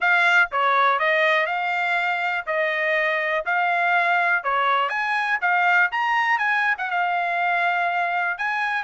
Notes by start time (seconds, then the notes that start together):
0.00 F5
0.51 C#5
0.99 D#5
1.46 F5
2.46 D#5
3.45 F5
4.43 C#5
4.89 G#5
5.41 F5
5.92 A#5
6.38 G#5
6.78 F#5
6.90 F5
8.37 G#5